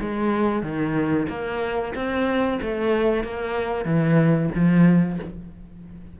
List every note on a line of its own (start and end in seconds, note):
0.00 0.62 G#3
0.62 1.27 D#3
1.29 1.93 A#3
1.95 2.59 C4
2.61 3.23 A3
3.23 3.84 A#3
3.84 4.49 E3
4.54 5.19 F3